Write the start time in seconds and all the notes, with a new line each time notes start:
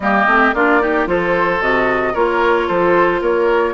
0.00 G3 A#3 G4 D#5
0.26 A3 C4
0.53 A#3 D4 F4 D5
0.80 D#4 G4
1.06 F3 F4 A4 C5
1.60 C3 F#4 D#5
2.13 A#3 F4 A#4 C#5
2.67 F3 A4 C5
3.21 A#3 A#4 C#5